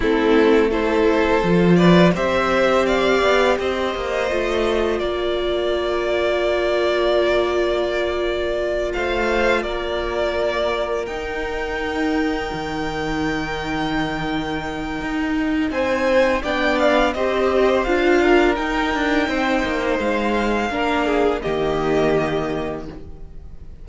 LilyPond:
<<
  \new Staff \with { instrumentName = "violin" } { \time 4/4 \tempo 4 = 84 a'4 c''4. d''8 e''4 | f''4 dis''2 d''4~ | d''1~ | d''8 f''4 d''2 g''8~ |
g''1~ | g''2 gis''4 g''8 f''8 | dis''4 f''4 g''2 | f''2 dis''2 | }
  \new Staff \with { instrumentName = "violin" } { \time 4/4 e'4 a'4. b'8 c''4 | d''4 c''2 ais'4~ | ais'1~ | ais'8 c''4 ais'2~ ais'8~ |
ais'1~ | ais'2 c''4 d''4 | c''4. ais'4. c''4~ | c''4 ais'8 gis'8 g'2 | }
  \new Staff \with { instrumentName = "viola" } { \time 4/4 c'4 e'4 f'4 g'4~ | g'2 f'2~ | f'1~ | f'2.~ f'8 dis'8~ |
dis'1~ | dis'2. d'4 | g'4 f'4 dis'2~ | dis'4 d'4 ais2 | }
  \new Staff \with { instrumentName = "cello" } { \time 4/4 a2 f4 c'4~ | c'8 b8 c'8 ais8 a4 ais4~ | ais1~ | ais8 a4 ais2 dis'8~ |
dis'4. dis2~ dis8~ | dis4 dis'4 c'4 b4 | c'4 d'4 dis'8 d'8 c'8 ais8 | gis4 ais4 dis2 | }
>>